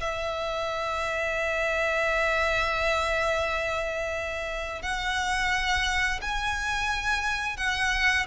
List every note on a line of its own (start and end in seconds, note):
0.00 4.82 E5
4.82 6.20 F#5
6.21 7.57 G#5
7.57 8.26 F#5